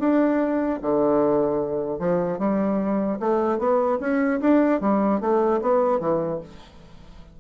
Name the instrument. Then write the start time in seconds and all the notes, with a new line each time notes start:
bassoon
0.00 D4
0.82 D3
2.00 F3
2.39 G3
3.20 A3
3.59 B3
4.01 C#4
4.41 D4
4.81 G3
5.21 A3
5.62 B3
6.00 E3